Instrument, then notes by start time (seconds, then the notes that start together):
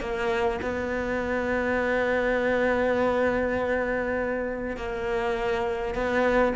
cello
0.00 A#3
0.62 B3
4.76 A#3
5.94 B3